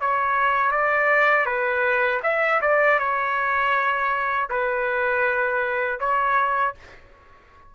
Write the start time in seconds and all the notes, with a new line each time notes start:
0.00 C#5
0.71 D5
1.45 B4
2.23 E5
2.61 D5
2.98 C#5
4.49 B4
5.99 C#5